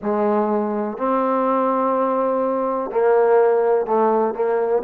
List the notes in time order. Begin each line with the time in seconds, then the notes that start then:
0.02 G#3
0.97 C4
2.90 A#3
3.85 A3
4.34 A#3